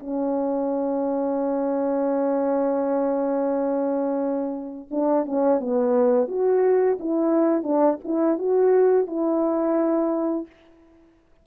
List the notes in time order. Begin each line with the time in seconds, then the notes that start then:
0.00 C#4
4.91 D4
5.26 C#4
5.60 B3
6.28 F#4
7.00 E4
7.63 D4
8.05 E4
8.38 F#4
9.07 E4